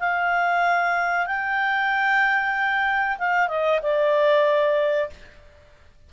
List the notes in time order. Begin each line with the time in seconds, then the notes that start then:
0.00 F5
1.26 G5
3.19 F5
3.48 D#5
3.83 D5